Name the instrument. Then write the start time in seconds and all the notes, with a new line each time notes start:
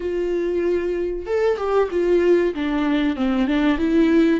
viola
0.00 F4
1.26 A4
1.57 G4
1.91 F4
2.54 D4
3.16 C4
3.47 D4
3.78 E4